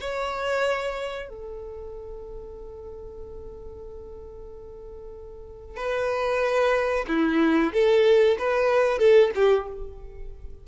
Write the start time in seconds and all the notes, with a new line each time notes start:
0.00 C#5
1.29 A4
5.77 B4
7.08 E4
7.73 A4
8.38 B4
8.98 A4
9.35 G4